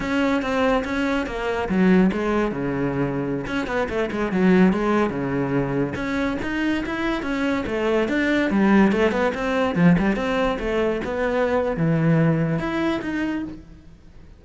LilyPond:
\new Staff \with { instrumentName = "cello" } { \time 4/4 \tempo 4 = 143 cis'4 c'4 cis'4 ais4 | fis4 gis4 cis2~ | cis16 cis'8 b8 a8 gis8 fis4 gis8.~ | gis16 cis2 cis'4 dis'8.~ |
dis'16 e'4 cis'4 a4 d'8.~ | d'16 g4 a8 b8 c'4 f8 g16~ | g16 c'4 a4 b4.~ b16 | e2 e'4 dis'4 | }